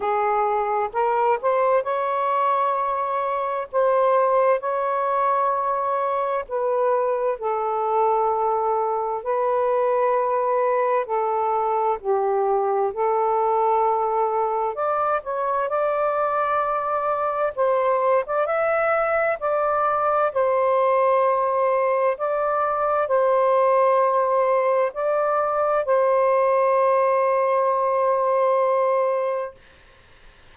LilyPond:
\new Staff \with { instrumentName = "saxophone" } { \time 4/4 \tempo 4 = 65 gis'4 ais'8 c''8 cis''2 | c''4 cis''2 b'4 | a'2 b'2 | a'4 g'4 a'2 |
d''8 cis''8 d''2 c''8. d''16 | e''4 d''4 c''2 | d''4 c''2 d''4 | c''1 | }